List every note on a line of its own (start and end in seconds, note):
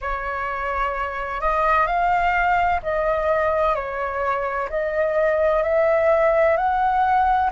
0.01 1.40 C#5
1.40 1.86 D#5
1.86 2.80 F5
2.82 3.75 D#5
3.75 4.68 C#5
4.69 5.62 D#5
5.62 6.56 E5
6.56 7.50 F#5